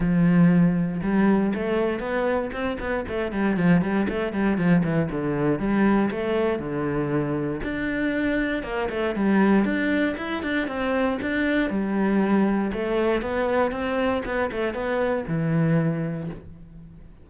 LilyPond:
\new Staff \with { instrumentName = "cello" } { \time 4/4 \tempo 4 = 118 f2 g4 a4 | b4 c'8 b8 a8 g8 f8 g8 | a8 g8 f8 e8 d4 g4 | a4 d2 d'4~ |
d'4 ais8 a8 g4 d'4 | e'8 d'8 c'4 d'4 g4~ | g4 a4 b4 c'4 | b8 a8 b4 e2 | }